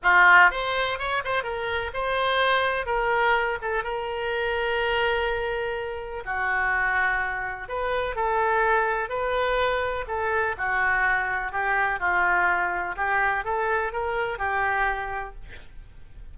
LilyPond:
\new Staff \with { instrumentName = "oboe" } { \time 4/4 \tempo 4 = 125 f'4 c''4 cis''8 c''8 ais'4 | c''2 ais'4. a'8 | ais'1~ | ais'4 fis'2. |
b'4 a'2 b'4~ | b'4 a'4 fis'2 | g'4 f'2 g'4 | a'4 ais'4 g'2 | }